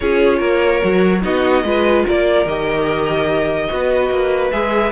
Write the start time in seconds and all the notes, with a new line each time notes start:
0.00 C#4 F4 G#4 C#5
0.37 A#3 A#4
0.82 F#3 F#4
1.21 B3 D#4 F#4 D#5
1.63 G#3 F4 B4
2.05 A#3 A#4 D5
2.45 D#3 G4 D#5
3.69 B3 F#4 B4
4.10 A#3
4.51 G#3 G#4 E5